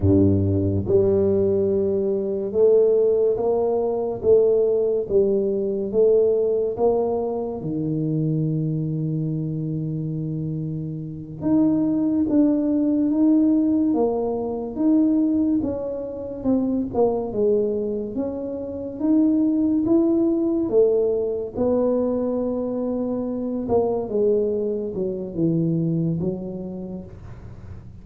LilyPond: \new Staff \with { instrumentName = "tuba" } { \time 4/4 \tempo 4 = 71 g,4 g2 a4 | ais4 a4 g4 a4 | ais4 dis2.~ | dis4. dis'4 d'4 dis'8~ |
dis'8 ais4 dis'4 cis'4 c'8 | ais8 gis4 cis'4 dis'4 e'8~ | e'8 a4 b2~ b8 | ais8 gis4 fis8 e4 fis4 | }